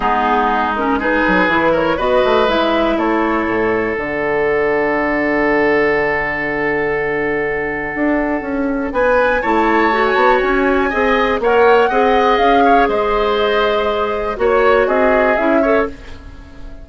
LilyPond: <<
  \new Staff \with { instrumentName = "flute" } { \time 4/4 \tempo 4 = 121 gis'4. ais'8 b'4. cis''8 | dis''4 e''4 cis''2 | fis''1~ | fis''1~ |
fis''2 gis''4 a''4~ | a''16 gis''16 a''8 gis''2 fis''4~ | fis''4 f''4 dis''2~ | dis''4 cis''4 dis''4 e''4 | }
  \new Staff \with { instrumentName = "oboe" } { \time 4/4 dis'2 gis'4. ais'8 | b'2 a'2~ | a'1~ | a'1~ |
a'2 b'4 cis''4~ | cis''2 dis''4 cis''4 | dis''4. cis''8 c''2~ | c''4 cis''4 gis'4. cis''8 | }
  \new Staff \with { instrumentName = "clarinet" } { \time 4/4 b4. cis'8 dis'4 e'4 | fis'4 e'2. | d'1~ | d'1~ |
d'2. e'4 | fis'2 gis'4 ais'4 | gis'1~ | gis'4 fis'2 e'8 a'8 | }
  \new Staff \with { instrumentName = "bassoon" } { \time 4/4 gis2~ gis8 fis8 e4 | b8 a8 gis4 a4 a,4 | d1~ | d1 |
d'4 cis'4 b4 a4~ | a8 b8 cis'4 c'4 ais4 | c'4 cis'4 gis2~ | gis4 ais4 c'4 cis'4 | }
>>